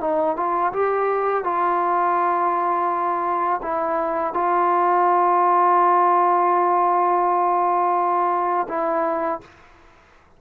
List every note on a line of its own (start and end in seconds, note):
0.00 0.36 D#4
0.36 0.72 F4
0.73 1.44 G4
1.44 3.61 F4
3.62 4.33 E4
4.33 8.67 F4
8.68 9.40 E4